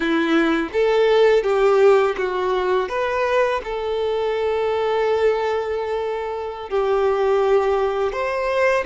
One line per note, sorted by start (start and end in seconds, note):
0.00 0.69 E4
0.73 1.43 A4
1.43 2.15 G4
2.17 2.88 F#4
2.88 3.61 B4
3.63 6.69 A4
6.69 8.12 G4
8.12 8.84 C5